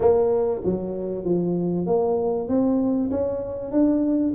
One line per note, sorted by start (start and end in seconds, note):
0.00 0.61 A#3
0.64 1.25 F#3
1.25 1.86 F3
1.86 2.48 A#3
2.48 3.10 C4
3.10 3.71 C#4
3.71 4.33 D4